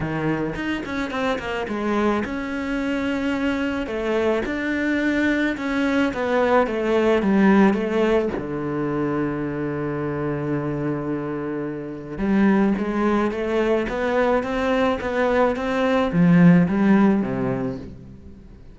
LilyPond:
\new Staff \with { instrumentName = "cello" } { \time 4/4 \tempo 4 = 108 dis4 dis'8 cis'8 c'8 ais8 gis4 | cis'2. a4 | d'2 cis'4 b4 | a4 g4 a4 d4~ |
d1~ | d2 g4 gis4 | a4 b4 c'4 b4 | c'4 f4 g4 c4 | }